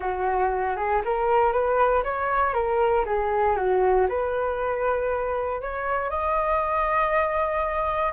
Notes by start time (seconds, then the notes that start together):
0.00 F#4
0.76 G#4
1.04 A#4
1.52 B4
2.03 C#5
2.53 A#4
3.05 G#4
3.56 F#4
4.08 B4
5.61 C#5
6.10 D#5